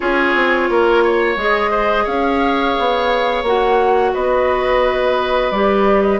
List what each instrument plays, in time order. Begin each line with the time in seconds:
0.00 bassoon C#4, clarinet F4, oboe G#4, flute C#5
0.34 bassoon C4
0.69 bassoon A#3, oboe A#4
1.03 oboe C#5
1.36 bassoon G#3, clarinet G#4, flute D#5
1.70 oboe C5
2.04 bassoon C#4, oboe C#5, flute F5
2.79 bassoon B3
3.43 bassoon A#3, clarinet F#4, flute F#5
4.13 bassoon B3, oboe B4, flute D#5
5.51 bassoon G3, clarinet G4, flute D5
6.02 flute D#5